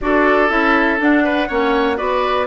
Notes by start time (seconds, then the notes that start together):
0.01 D4 F#4 A4 D5
0.48 C#4 E4 E5
0.98 D4 F#5
1.23 B4
1.48 A#3 C#4 C#5
1.96 B3 F#4 B4 D5